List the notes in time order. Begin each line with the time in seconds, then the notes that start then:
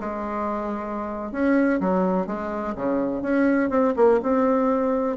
0.00 G#3
1.32 C#4
1.80 F#3
2.27 G#3
2.76 C#3
3.22 C#4
3.70 C4
3.96 A#3
4.23 C4